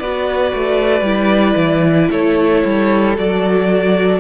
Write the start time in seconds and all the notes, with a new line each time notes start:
0.00 B3 F#4 B4 D5
0.55 A3
1.02 G3 E4
1.57 E3
2.12 A3 A4 C#5
2.66 G3
3.16 F#3 F#4 D5